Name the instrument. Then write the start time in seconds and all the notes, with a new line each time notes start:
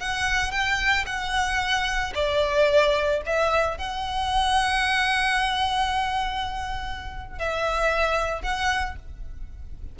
violin
0.00 F#5
0.52 G5
1.06 F#5
2.15 D5
3.26 E5
3.78 F#5
7.39 E5
8.42 F#5